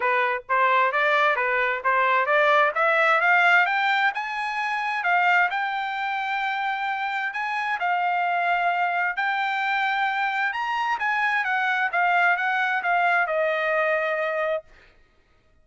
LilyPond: \new Staff \with { instrumentName = "trumpet" } { \time 4/4 \tempo 4 = 131 b'4 c''4 d''4 b'4 | c''4 d''4 e''4 f''4 | g''4 gis''2 f''4 | g''1 |
gis''4 f''2. | g''2. ais''4 | gis''4 fis''4 f''4 fis''4 | f''4 dis''2. | }